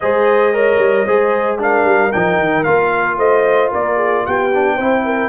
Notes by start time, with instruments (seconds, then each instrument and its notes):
0.00 tuba G#3, trombone G#4, horn C5, trumpet D#5
0.53 trombone A#4, horn C#5
0.78 tuba G3
1.05 tuba G#3, trombone G#4, horn C5
1.58 trombone D4, horn A#4, trumpet F5
1.84 tuba G3
2.12 tuba F3, trombone D#4, trumpet G5
2.39 tuba D#3
2.63 tuba A#3, trombone F4, trumpet F5
3.17 tuba A3, horn C5, trumpet D#5
3.71 tuba A#3, horn A#4, trumpet D5
3.96 horn G#4
4.26 tuba B3, horn G4, trumpet G5
4.53 trombone D4
4.75 tuba C4, trombone E4, horn C5
5.04 horn A#4